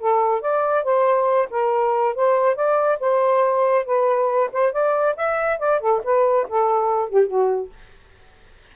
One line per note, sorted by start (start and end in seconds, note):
0.00 0.41 A4
0.41 0.84 D5
0.84 1.49 C5
1.50 2.15 A#4
2.15 2.56 C5
2.56 2.99 D5
3.00 3.86 C5
3.86 4.50 B4
4.52 4.72 C5
4.72 5.15 D5
5.16 5.59 E5
5.59 5.80 D5
5.80 6.02 A4
6.04 6.47 B4
6.48 7.09 A4
7.09 7.27 G4
7.27 7.70 F#4